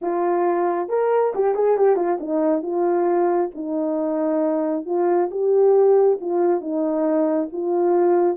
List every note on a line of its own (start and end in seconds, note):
0.01 0.88 F4
0.88 1.33 A#4
1.34 1.55 G4
1.55 1.77 G#4
1.77 1.96 G4
1.96 2.18 F4
2.19 2.62 D#4
2.62 3.50 F4
3.55 4.85 D#4
4.85 5.29 F4
5.30 6.19 G4
6.20 6.60 F4
6.60 7.49 D#4
7.52 8.37 F4